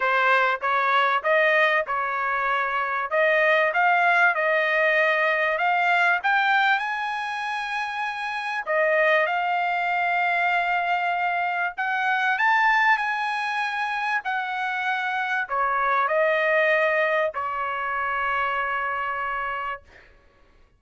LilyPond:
\new Staff \with { instrumentName = "trumpet" } { \time 4/4 \tempo 4 = 97 c''4 cis''4 dis''4 cis''4~ | cis''4 dis''4 f''4 dis''4~ | dis''4 f''4 g''4 gis''4~ | gis''2 dis''4 f''4~ |
f''2. fis''4 | a''4 gis''2 fis''4~ | fis''4 cis''4 dis''2 | cis''1 | }